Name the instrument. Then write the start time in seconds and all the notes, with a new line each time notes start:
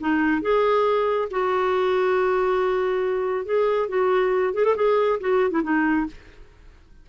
clarinet
0.00 D#4
0.41 G#4
1.30 F#4
3.45 G#4
3.88 F#4
4.53 G#4
4.64 A4
4.75 G#4
5.20 F#4
5.50 E4
5.63 D#4